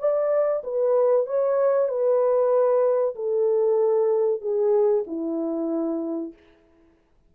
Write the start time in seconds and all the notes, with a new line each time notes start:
0.00 D5
0.64 B4
1.27 C#5
1.89 B4
3.16 A4
4.42 G#4
5.07 E4